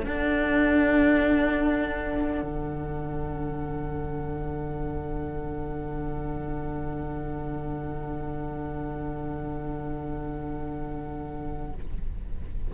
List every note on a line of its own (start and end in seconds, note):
0.00 11.70 D4
0.00 2.42 D4
0.00 11.73 A4
0.00 11.74 F#5
2.42 11.72 D3